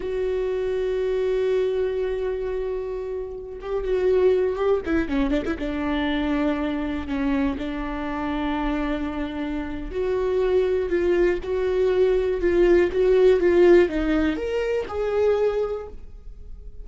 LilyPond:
\new Staff \with { instrumentName = "viola" } { \time 4/4 \tempo 4 = 121 fis'1~ | fis'2.~ fis'16 g'8 fis'16~ | fis'4~ fis'16 g'8 e'8 cis'8 d'16 e'16 d'8.~ | d'2~ d'16 cis'4 d'8.~ |
d'1 | fis'2 f'4 fis'4~ | fis'4 f'4 fis'4 f'4 | dis'4 ais'4 gis'2 | }